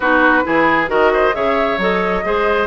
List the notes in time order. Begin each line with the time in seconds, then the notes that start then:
0.00 B3 D#4 F#4 B4
0.44 E3 E4 G#4
0.87 D#3 F#4 A#4 D#5
1.13 C5
1.33 C#3 G#4 C#5 E5
1.77 F#3 A4 D#5
2.23 G#3 G#4 C5